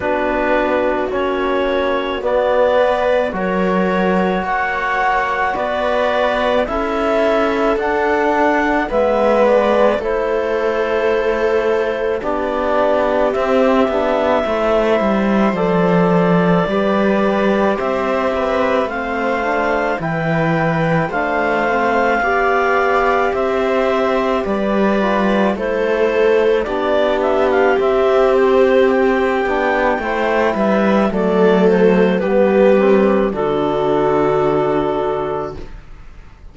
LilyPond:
<<
  \new Staff \with { instrumentName = "clarinet" } { \time 4/4 \tempo 4 = 54 b'4 cis''4 d''4 cis''4 | fis''4 d''4 e''4 fis''4 | e''8 d''8 c''2 d''4 | e''2 d''2 |
e''4 f''4 g''4 f''4~ | f''4 e''4 d''4 c''4 | d''8 e''16 f''16 e''8 c''8 g''4. e''8 | d''8 c''8 b'4 a'2 | }
  \new Staff \with { instrumentName = "viola" } { \time 4/4 fis'2~ fis'8 b'8 ais'4 | cis''4 b'4 a'2 | b'4 a'2 g'4~ | g'4 c''2 b'4 |
c''8 b'8 c''4 b'4 c''4 | d''4 c''4 b'4 a'4 | g'2. c''8 b'8 | a'4 g'4 fis'2 | }
  \new Staff \with { instrumentName = "trombone" } { \time 4/4 d'4 cis'4 b4 fis'4~ | fis'2 e'4 d'4 | b4 e'2 d'4 | c'8 d'8 e'4 a'4 g'4~ |
g'4 c'8 d'8 e'4 d'8 c'8 | g'2~ g'8 f'8 e'4 | d'4 c'4. d'8 e'4 | a4 b8 c'8 d'2 | }
  \new Staff \with { instrumentName = "cello" } { \time 4/4 b4 ais4 b4 fis4 | ais4 b4 cis'4 d'4 | gis4 a2 b4 | c'8 b8 a8 g8 f4 g4 |
c'4 a4 e4 a4 | b4 c'4 g4 a4 | b4 c'4. b8 a8 g8 | fis4 g4 d2 | }
>>